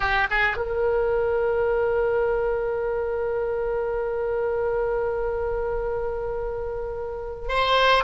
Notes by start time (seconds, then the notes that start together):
0.00 G4
0.30 G#4
0.56 A#4
7.48 C5